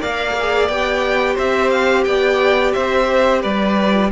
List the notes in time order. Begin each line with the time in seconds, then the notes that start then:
0.00 A#3 A#4 D5 F5
0.39 G#4
0.68 B3 G4 G5
1.34 C4 C5 E5
1.70 F5
2.04 B3 D5 G5
2.73 C4 C5 E5
3.42 G3 B4 D5
3.90 F4